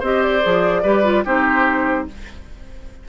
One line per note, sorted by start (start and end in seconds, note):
0.00 0.43 C4
0.00 0.42 G4
0.00 0.82 C5
0.00 0.23 D#5
0.23 1.26 D5
0.42 0.84 F3
0.42 0.83 G#4
0.83 1.25 G3
0.83 1.04 G4
0.83 1.25 B4
1.04 1.25 F4
1.25 2.09 C4
1.25 2.08 D#4
1.25 2.08 G4
1.25 2.09 C5